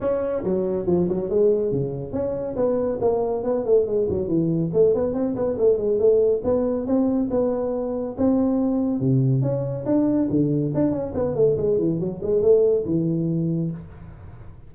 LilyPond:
\new Staff \with { instrumentName = "tuba" } { \time 4/4 \tempo 4 = 140 cis'4 fis4 f8 fis8 gis4 | cis4 cis'4 b4 ais4 | b8 a8 gis8 fis8 e4 a8 b8 | c'8 b8 a8 gis8 a4 b4 |
c'4 b2 c'4~ | c'4 c4 cis'4 d'4 | d4 d'8 cis'8 b8 a8 gis8 e8 | fis8 gis8 a4 e2 | }